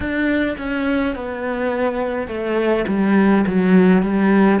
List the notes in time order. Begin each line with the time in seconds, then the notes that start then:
0.00 D4
0.58 C#4
1.15 B3
2.27 A3
2.87 G3
3.46 F#3
4.02 G3